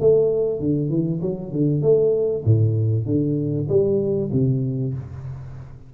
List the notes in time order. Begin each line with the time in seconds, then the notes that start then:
0.00 A3
0.59 D3
0.89 E3
1.22 F#3
1.52 D3
1.82 A3
2.45 A2
3.06 D3
3.69 G3
4.32 C3